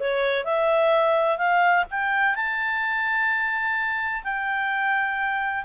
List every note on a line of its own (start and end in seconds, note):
0.00 0.45 C#5
0.45 1.38 E5
1.38 1.85 F5
1.91 2.36 G5
2.36 4.23 A5
4.24 5.65 G5